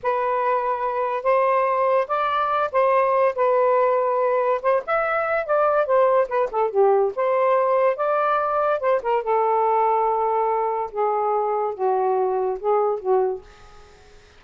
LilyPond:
\new Staff \with { instrumentName = "saxophone" } { \time 4/4 \tempo 4 = 143 b'2. c''4~ | c''4 d''4. c''4. | b'2. c''8 e''8~ | e''4 d''4 c''4 b'8 a'8 |
g'4 c''2 d''4~ | d''4 c''8 ais'8 a'2~ | a'2 gis'2 | fis'2 gis'4 fis'4 | }